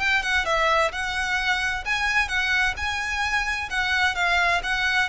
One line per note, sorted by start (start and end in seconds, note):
0.00 0.22 G5
0.22 0.46 F#5
0.46 0.92 E5
0.92 1.85 F#5
1.86 2.29 G#5
2.29 2.75 F#5
2.77 3.69 G#5
3.70 4.15 F#5
4.15 4.62 F5
4.64 5.10 F#5